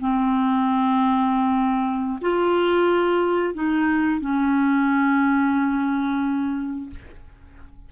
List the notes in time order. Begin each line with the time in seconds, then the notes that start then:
0.00 C4
2.21 F4
3.54 D#4
4.20 C#4